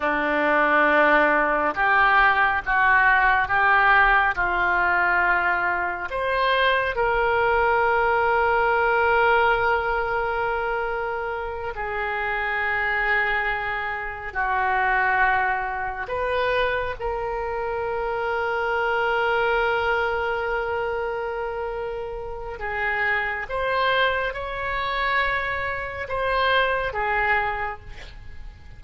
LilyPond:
\new Staff \with { instrumentName = "oboe" } { \time 4/4 \tempo 4 = 69 d'2 g'4 fis'4 | g'4 f'2 c''4 | ais'1~ | ais'4. gis'2~ gis'8~ |
gis'8 fis'2 b'4 ais'8~ | ais'1~ | ais'2 gis'4 c''4 | cis''2 c''4 gis'4 | }